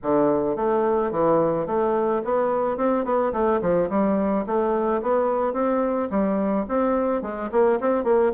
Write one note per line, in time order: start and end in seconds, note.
0.03 0.56 D3
0.56 1.11 A3
1.11 1.66 E3
1.66 2.21 A3
2.24 2.77 B3
2.77 3.04 C4
3.04 3.32 B3
3.32 3.60 A3
3.61 3.89 F3
3.89 4.45 G3
4.46 5.02 A3
5.02 5.53 B3
5.53 6.08 C4
6.10 6.65 G3
6.68 7.22 C4
7.22 7.49 G#3
7.51 7.79 A#3
7.80 8.04 C4
8.04 8.32 A#3